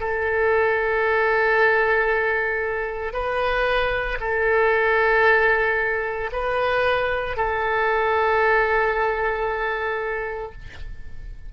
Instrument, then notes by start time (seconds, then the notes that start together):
oboe
0.00 A4
3.13 B4
4.21 A4
6.33 B4
7.37 A4